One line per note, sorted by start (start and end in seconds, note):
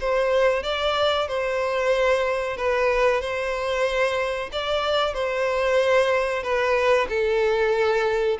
0.00 0.63 C5
0.63 1.28 D5
1.28 2.57 C5
2.57 3.21 B4
3.21 4.50 C5
4.52 5.14 D5
5.14 6.43 C5
6.43 7.08 B4
7.09 8.38 A4